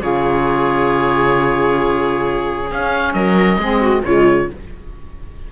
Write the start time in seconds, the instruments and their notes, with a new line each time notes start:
0.00 cello C#3, saxophone F4, viola G#4, oboe C#5
2.71 cello C#4, saxophone C#4, oboe F5
3.13 cello F#3, viola A#4, oboe D#5
3.58 cello G#3, saxophone C4, viola G#4
3.81 viola F#4
4.04 cello C#3, saxophone G#3, viola F4, oboe C#5